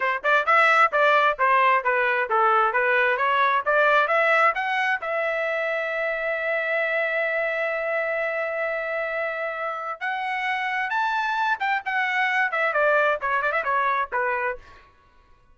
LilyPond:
\new Staff \with { instrumentName = "trumpet" } { \time 4/4 \tempo 4 = 132 c''8 d''8 e''4 d''4 c''4 | b'4 a'4 b'4 cis''4 | d''4 e''4 fis''4 e''4~ | e''1~ |
e''1~ | e''2 fis''2 | a''4. g''8 fis''4. e''8 | d''4 cis''8 d''16 e''16 cis''4 b'4 | }